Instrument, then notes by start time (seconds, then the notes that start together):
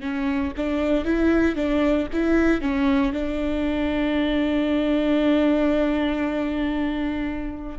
viola
0.00 C#4
0.56 D4
1.04 E4
1.55 D4
2.13 E4
2.61 C#4
3.13 D4